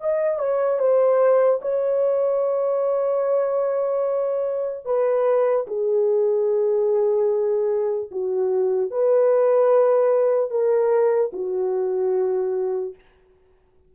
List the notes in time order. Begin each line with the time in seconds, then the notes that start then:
0.00 D#5
0.39 C#5
0.79 C5
1.61 C#5
4.85 B4
5.67 G#4
8.11 F#4
8.90 B4
10.50 A#4
11.33 F#4